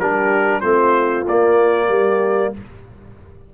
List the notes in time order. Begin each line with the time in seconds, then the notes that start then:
0.00 G3 D4 G4 A#4
0.61 A3 C4 F4 C5
1.27 A#3 D5
1.89 G3 G4